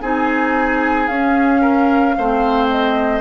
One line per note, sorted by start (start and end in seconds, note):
0.00 1.08 C4
0.00 1.09 D#4
0.00 1.61 G#4
0.00 1.07 G#5
1.07 2.15 C#4
1.07 2.19 C#4
1.07 2.68 F5
1.61 2.15 A#4
2.17 3.21 A3
2.17 3.21 C4
2.17 3.21 C5
2.69 3.21 D#5